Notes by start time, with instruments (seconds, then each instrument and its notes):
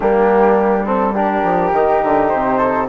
0.00 bassoon G3, trombone A#3, flute D4 G4
0.85 trombone C4, flute A4
1.14 trombone D4, flute G4 A#4
1.43 bassoon F3
1.72 bassoon D#3, trombone D#4
2.03 bassoon D3
2.28 bassoon C3, flute C5
2.57 flute A4